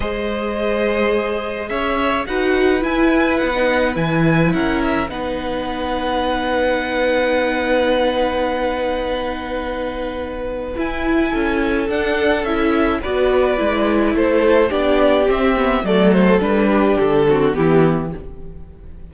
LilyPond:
<<
  \new Staff \with { instrumentName = "violin" } { \time 4/4 \tempo 4 = 106 dis''2. e''4 | fis''4 gis''4 fis''4 gis''4 | fis''8 e''8 fis''2.~ | fis''1~ |
fis''2. gis''4~ | gis''4 fis''4 e''4 d''4~ | d''4 c''4 d''4 e''4 | d''8 c''8 b'4 a'4 g'4 | }
  \new Staff \with { instrumentName = "violin" } { \time 4/4 c''2. cis''4 | b'1 | ais'4 b'2.~ | b'1~ |
b'1 | a'2. b'4~ | b'4 a'4 g'2 | a'4. g'4 fis'8 e'4 | }
  \new Staff \with { instrumentName = "viola" } { \time 4/4 gis'1 | fis'4 e'4~ e'16 dis'8. e'4~ | e'4 dis'2.~ | dis'1~ |
dis'2. e'4~ | e'4 d'4 e'4 fis'4 | e'2 d'4 c'8 b8 | a4 d'4. c'8 b4 | }
  \new Staff \with { instrumentName = "cello" } { \time 4/4 gis2. cis'4 | dis'4 e'4 b4 e4 | cis'4 b2.~ | b1~ |
b2. e'4 | cis'4 d'4 cis'4 b4 | gis4 a4 b4 c'4 | fis4 g4 d4 e4 | }
>>